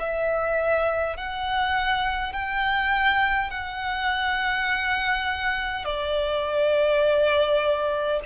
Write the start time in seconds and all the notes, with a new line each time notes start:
0.00 E5
1.17 F#5
2.33 G5
3.51 F#5
5.85 D5